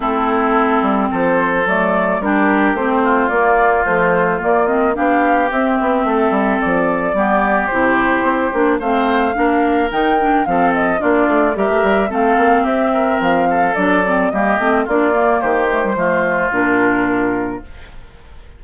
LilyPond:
<<
  \new Staff \with { instrumentName = "flute" } { \time 4/4 \tempo 4 = 109 a'2 c''4 d''4 | ais'4 c''4 d''4 c''4 | d''8 dis''8 f''4 e''2 | d''2 c''2 |
f''2 g''4 f''8 dis''8 | d''4 e''4 f''4 e''4 | f''4 d''4 dis''4 d''4 | c''2 ais'2 | }
  \new Staff \with { instrumentName = "oboe" } { \time 4/4 e'2 a'2 | g'4. f'2~ f'8~ | f'4 g'2 a'4~ | a'4 g'2. |
c''4 ais'2 a'4 | f'4 ais'4 a'4 g'8 ais'8~ | ais'8 a'4. g'4 f'4 | g'4 f'2. | }
  \new Staff \with { instrumentName = "clarinet" } { \time 4/4 c'2. a4 | d'4 c'4 ais4 f4 | ais8 c'8 d'4 c'2~ | c'4 b4 e'4. d'8 |
c'4 d'4 dis'8 d'8 c'4 | d'4 g'4 c'2~ | c'4 d'8 c'8 ais8 c'8 d'8 ais8~ | ais8 a16 g16 a4 d'2 | }
  \new Staff \with { instrumentName = "bassoon" } { \time 4/4 a4. g8 f4 fis4 | g4 a4 ais4 a4 | ais4 b4 c'8 b8 a8 g8 | f4 g4 c4 c'8 ais8 |
a4 ais4 dis4 f4 | ais8 a8 g16 a16 g8 a8 ais8 c'4 | f4 fis4 g8 a8 ais4 | dis4 f4 ais,2 | }
>>